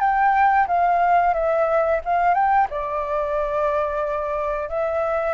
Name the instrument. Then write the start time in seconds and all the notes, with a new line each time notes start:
flute
0.00 G5
0.67 F5
1.34 E5
2.05 F5
2.34 G5
2.70 D5
4.69 E5